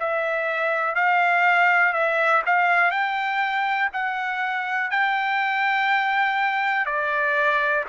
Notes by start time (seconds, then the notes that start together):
0.00 E5
0.95 F5
1.93 E5
2.46 F5
2.92 G5
3.93 F#5
4.91 G5
6.86 D5